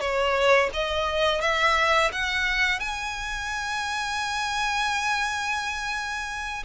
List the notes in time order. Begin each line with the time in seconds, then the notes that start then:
0.00 C#5
0.73 D#5
1.41 E5
2.12 F#5
2.80 G#5